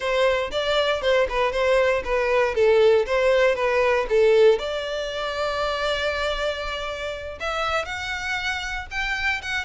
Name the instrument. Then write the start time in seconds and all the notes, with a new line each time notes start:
violin
0.00 C5
0.51 D5
1.01 C5
1.29 B4
1.52 C5
2.04 B4
2.54 A4
3.06 C5
3.55 B4
4.09 A4
4.59 D5
7.39 E5
7.85 F#5
8.90 G5
9.42 F#5